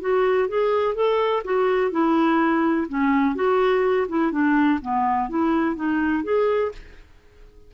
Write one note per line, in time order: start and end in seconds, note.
0.00 0.48 F#4
0.48 0.94 G#4
0.94 1.42 A4
1.44 1.91 F#4
1.91 2.87 E4
2.88 3.35 C#4
3.35 4.07 F#4
4.08 4.31 E4
4.31 4.79 D4
4.81 5.29 B3
5.29 5.75 E4
5.75 6.23 D#4
6.23 6.71 G#4